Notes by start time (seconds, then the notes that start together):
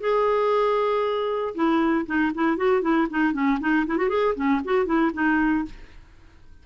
0.00 G#4
1.54 E4
2.06 D#4
2.34 E4
2.57 F#4
2.82 E4
3.10 D#4
3.33 C#4
3.60 D#4
3.86 E4
3.97 F#4
4.09 G#4
4.35 C#4
4.64 F#4
4.86 E4
5.13 D#4